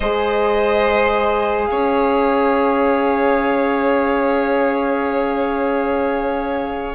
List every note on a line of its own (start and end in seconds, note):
0.00 1.69 G#3
0.00 6.95 G#4
0.00 1.68 C5
0.00 1.64 D#5
1.64 6.95 C#4
1.64 6.95 C#5
1.64 6.93 F5